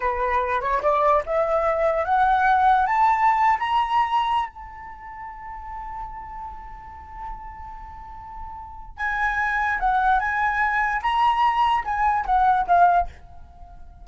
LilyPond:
\new Staff \with { instrumentName = "flute" } { \time 4/4 \tempo 4 = 147 b'4. cis''8 d''4 e''4~ | e''4 fis''2 a''4~ | a''8. ais''2~ ais''16 a''4~ | a''1~ |
a''1~ | a''2 gis''2 | fis''4 gis''2 ais''4~ | ais''4 gis''4 fis''4 f''4 | }